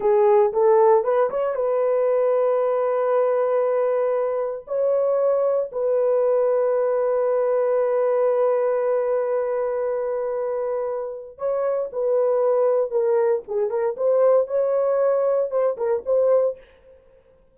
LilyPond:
\new Staff \with { instrumentName = "horn" } { \time 4/4 \tempo 4 = 116 gis'4 a'4 b'8 cis''8 b'4~ | b'1~ | b'4 cis''2 b'4~ | b'1~ |
b'1~ | b'2 cis''4 b'4~ | b'4 ais'4 gis'8 ais'8 c''4 | cis''2 c''8 ais'8 c''4 | }